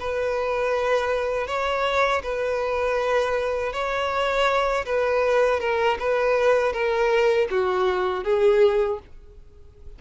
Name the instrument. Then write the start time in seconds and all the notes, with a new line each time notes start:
violin
0.00 B4
1.47 C#5
2.23 B4
3.73 C#5
4.86 B4
5.60 A#4
5.99 B4
6.73 A#4
7.50 F#4
8.24 G#4